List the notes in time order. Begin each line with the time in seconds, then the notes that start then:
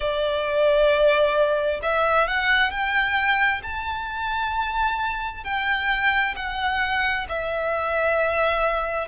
0.00 D5
1.82 E5
2.27 F#5
2.70 G5
3.62 A5
5.43 G5
6.36 F#5
7.28 E5